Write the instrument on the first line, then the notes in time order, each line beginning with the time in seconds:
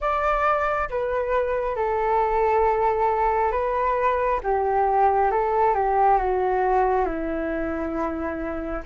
flute
0.00 D5
0.89 B4
1.76 A4
3.51 B4
4.43 G4
5.31 A4
5.74 G4
6.18 F#4
7.05 E4